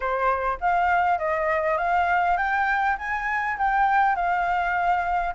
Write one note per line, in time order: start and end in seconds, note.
0.00 0.58 C5
0.60 1.18 F5
1.18 1.77 D#5
1.77 2.37 F5
2.37 2.96 G5
2.98 3.57 G#5
3.58 4.15 G5
4.15 5.34 F5